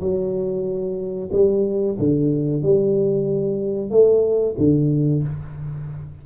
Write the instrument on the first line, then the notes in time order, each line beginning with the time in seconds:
tuba
0.00 F#3
1.32 G3
1.99 D3
2.63 G3
3.91 A3
4.58 D3